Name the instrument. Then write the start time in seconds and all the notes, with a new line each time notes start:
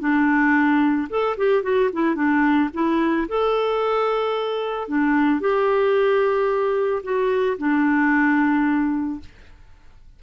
clarinet
0.00 D4
1.09 A4
1.37 G4
1.63 F#4
1.93 E4
2.15 D4
2.73 E4
3.28 A4
4.88 D4
5.40 G4
7.03 F#4
7.58 D4